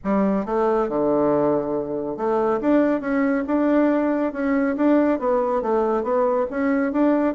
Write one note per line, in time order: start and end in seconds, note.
0.04 0.45 G3
0.45 0.88 A3
0.88 2.17 D3
2.17 2.60 A3
2.60 3.00 D4
3.00 3.44 C#4
3.46 4.33 D4
4.33 4.76 C#4
4.76 5.19 D4
5.19 5.62 B3
5.62 6.03 A3
6.03 6.46 B3
6.50 6.92 C#4
6.92 7.34 D4